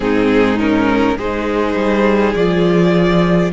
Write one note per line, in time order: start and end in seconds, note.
0.00 1.16 G#2
0.00 0.57 C4
0.00 1.17 D#4
0.00 0.58 G#4
0.58 1.18 C#4
0.58 1.17 A#4
1.16 1.75 G#3
1.16 2.36 D#4
1.16 3.52 G#4
1.16 2.33 C5
1.75 2.34 G3
2.33 3.52 F3
2.33 3.52 F4
2.33 3.51 D5